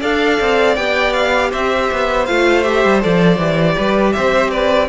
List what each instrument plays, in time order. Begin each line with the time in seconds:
0.00 cello D4, viola A4, violin D5 F5
0.41 cello C4
0.76 cello B3, viola G4, violin G5
1.13 violin F5
1.50 cello C4, violin C5 E5
1.92 cello B3
2.26 cello A3, viola F4, violin F5
2.63 viola G4, violin E5
2.85 cello G3
3.01 cello F3, viola A4, violin D5
3.38 cello E3, viola G4
3.77 cello G3, violin B4
4.13 cello C4, violin C5 E5
4.51 violin B4 D5